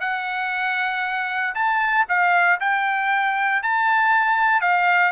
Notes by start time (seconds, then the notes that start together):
0.00 F#5
1.54 A5
2.08 F5
2.60 G5
3.62 A5
4.61 F5